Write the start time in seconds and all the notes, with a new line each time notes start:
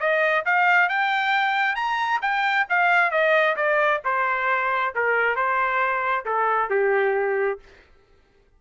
0.00 D#5
0.45 F5
0.89 G5
1.76 A#5
2.22 G5
2.69 F5
3.11 D#5
3.56 D5
4.05 C5
4.95 A#4
5.36 C5
6.26 A4
6.70 G4